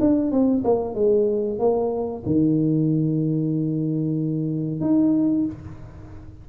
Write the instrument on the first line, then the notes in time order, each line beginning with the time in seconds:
tuba
0.00 D4
0.31 C4
0.64 A#3
0.94 G#3
1.59 A#3
2.26 D#3
4.81 D#4